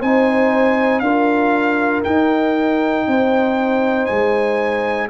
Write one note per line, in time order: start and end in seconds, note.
0.00 1.01 C4
0.00 1.03 D#4
0.00 1.02 C5
0.00 0.99 G#5
0.99 2.02 D4
0.99 2.05 F4
0.99 3.06 A#4
0.99 2.01 F5
2.04 5.09 D#4
2.04 3.07 D#4
2.04 4.06 G5
3.07 4.08 C4
3.07 5.09 C5
4.06 5.09 G#3
4.06 5.07 G#5